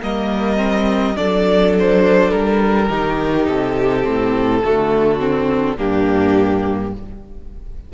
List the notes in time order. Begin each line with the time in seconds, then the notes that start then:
0.00 G3 A#3 A#4 D#5
0.57 C4
1.15 F#3 D4 A4 D5
1.78 C5
2.31 G3 A#4
2.88 D#3 D#4 G4
3.47 C3 A4
4.03 A2 C4
4.63 D3 A3 F#4
5.19 C4
5.76 G2 A#3 D4 G4